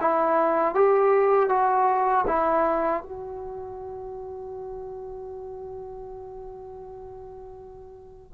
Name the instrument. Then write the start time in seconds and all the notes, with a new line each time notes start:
trombone
0.00 E4
0.74 G4
1.49 F#4
2.27 E4
3.02 F#4